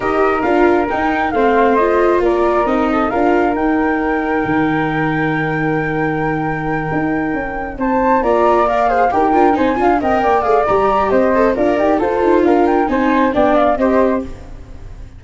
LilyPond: <<
  \new Staff \with { instrumentName = "flute" } { \time 4/4 \tempo 4 = 135 dis''4 f''4 g''4 f''4 | dis''4 d''4 dis''4 f''4 | g''1~ | g''1~ |
g''4. a''4 ais''4 f''8~ | f''8 g''4 gis''4 g''4 f''8 | ais''4 dis''4 d''4 c''4 | f''8 g''8 gis''4 g''8 f''8 dis''4 | }
  \new Staff \with { instrumentName = "flute" } { \time 4/4 ais'2. c''4~ | c''4 ais'4. a'8 ais'4~ | ais'1~ | ais'1~ |
ais'4. c''4 d''4. | c''8 ais'4 c''8 f''8 dis''8 d''4~ | d''4 c''4 f'8 g'8 a'4 | ais'4 c''4 d''4 c''4 | }
  \new Staff \with { instrumentName = "viola" } { \time 4/4 g'4 f'4 dis'4 c'4 | f'2 dis'4 f'4 | dis'1~ | dis'1~ |
dis'2~ dis'8 f'4 ais'8 | gis'8 g'8 f'8 dis'8 f'8 ais'4 gis'8 | g'4. a'8 ais'4 f'4~ | f'4 dis'4 d'4 g'4 | }
  \new Staff \with { instrumentName = "tuba" } { \time 4/4 dis'4 d'4 dis'4 a4~ | a4 ais4 c'4 d'4 | dis'2 dis2~ | dis2.~ dis8 dis'8~ |
dis'8 cis'4 c'4 ais4.~ | ais8 dis'8 d'8 c'8 d'8 c'8 ais8 a8 | g4 c'4 d'8 dis'8 f'8 dis'8 | d'4 c'4 b4 c'4 | }
>>